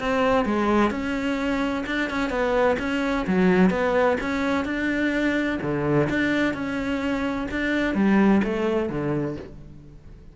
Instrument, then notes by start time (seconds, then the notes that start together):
cello
0.00 C4
0.46 G#3
0.91 C#4
1.87 D4
2.10 C#4
2.30 B3
2.79 C#4
3.27 F#3
3.70 B3
4.21 C#4
4.65 D4
5.62 D3
6.10 D4
6.54 C#4
7.51 D4
7.95 G3
8.44 A3
8.90 D3